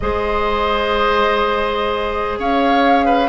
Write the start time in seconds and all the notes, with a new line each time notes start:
0.00 G#3 G#4 C5 D#5
2.38 C#4 C#5 F5
3.05 B4